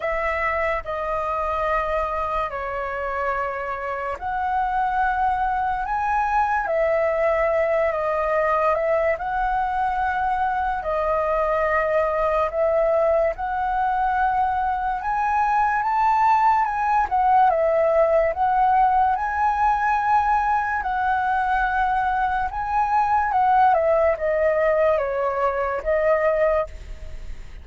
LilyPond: \new Staff \with { instrumentName = "flute" } { \time 4/4 \tempo 4 = 72 e''4 dis''2 cis''4~ | cis''4 fis''2 gis''4 | e''4. dis''4 e''8 fis''4~ | fis''4 dis''2 e''4 |
fis''2 gis''4 a''4 | gis''8 fis''8 e''4 fis''4 gis''4~ | gis''4 fis''2 gis''4 | fis''8 e''8 dis''4 cis''4 dis''4 | }